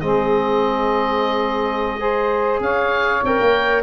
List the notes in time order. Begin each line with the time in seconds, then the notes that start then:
0.00 G#3 C4 G#4 D#5
2.00 G#4 C5
2.60 C#4 C#5 F5
3.23 C4 A#4 G5
3.40 A#3